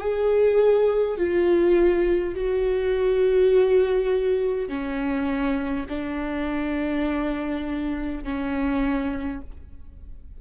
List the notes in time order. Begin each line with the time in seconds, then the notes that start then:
0.00 G#4
1.18 F4
2.35 F#4
4.68 C#4
5.89 D4
8.24 C#4